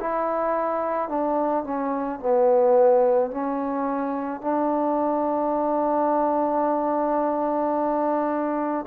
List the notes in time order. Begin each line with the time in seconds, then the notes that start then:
0.00 E4
1.09 D4
1.64 C#4
2.20 B3
3.31 C#4
4.41 D4